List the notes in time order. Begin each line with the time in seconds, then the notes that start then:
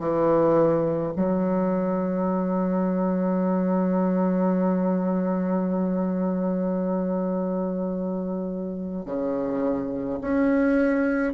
0.00 E3
1.16 F#3
9.06 C#3
10.21 C#4